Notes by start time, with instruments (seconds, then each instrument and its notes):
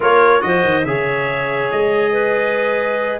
0.00 tuba A#3, trombone F4, clarinet A#4, trumpet C#5
0.39 tuba F3, trombone F#4, trumpet D#5
0.46 clarinet C5
0.64 tuba D#3
0.85 tuba C#3, trombone G#4, clarinet C#5, trumpet E5
1.71 tuba G#3, trumpet D#5
2.12 clarinet B4